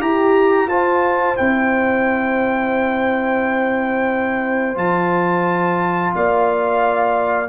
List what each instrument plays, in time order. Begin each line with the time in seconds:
0.00 tuba E4, horn G4, trombone G4, trumpet A#5
0.68 tuba F4, trombone F4, horn C5, trumpet A5
1.37 tuba C4, trombone E4, trumpet G5
4.75 tuba F3, trombone F4, trumpet A5
6.16 tuba A#3, horn D5, trumpet F5